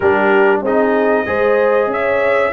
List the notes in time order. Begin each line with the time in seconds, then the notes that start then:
0.00 G3 D4 G4 A#4
0.61 C4 D#4 G#4 D#5
1.26 G#3 G#4 C5
1.86 C#4 C#5 E5